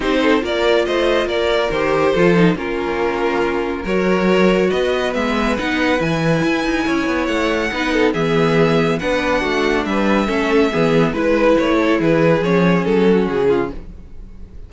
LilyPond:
<<
  \new Staff \with { instrumentName = "violin" } { \time 4/4 \tempo 4 = 140 c''4 d''4 dis''4 d''4 | c''2 ais'2~ | ais'4 cis''2 dis''4 | e''4 fis''4 gis''2~ |
gis''4 fis''2 e''4~ | e''4 fis''2 e''4~ | e''2 b'4 cis''4 | b'4 cis''4 a'4 gis'4 | }
  \new Staff \with { instrumentName = "violin" } { \time 4/4 g'8 a'8 ais'4 c''4 ais'4~ | ais'4 a'4 f'2~ | f'4 ais'2 b'4~ | b'1 |
cis''2 b'8 a'8 gis'4~ | gis'4 b'4 fis'4 b'4 | a'4 gis'4 b'4. a'8 | gis'2~ gis'8 fis'4 f'8 | }
  \new Staff \with { instrumentName = "viola" } { \time 4/4 dis'4 f'2. | g'4 f'8 dis'8 cis'2~ | cis'4 fis'2. | b4 dis'4 e'2~ |
e'2 dis'4 b4~ | b4 d'2. | cis'4 b4 e'2~ | e'4 cis'2. | }
  \new Staff \with { instrumentName = "cello" } { \time 4/4 c'4 ais4 a4 ais4 | dis4 f4 ais2~ | ais4 fis2 b4 | gis4 b4 e4 e'8 dis'8 |
cis'8 b8 a4 b4 e4~ | e4 b4 a4 g4 | a4 e4 gis4 a4 | e4 f4 fis4 cis4 | }
>>